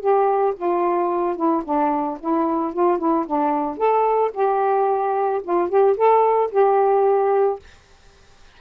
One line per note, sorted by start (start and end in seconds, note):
0.00 0.54 G4
0.56 1.36 F4
1.36 1.63 E4
1.64 2.18 D4
2.20 2.73 E4
2.73 2.99 F4
2.99 3.26 E4
3.27 3.77 D4
3.77 4.31 A4
4.34 5.42 G4
5.43 5.69 F4
5.69 5.96 G4
5.97 6.51 A4
6.51 7.59 G4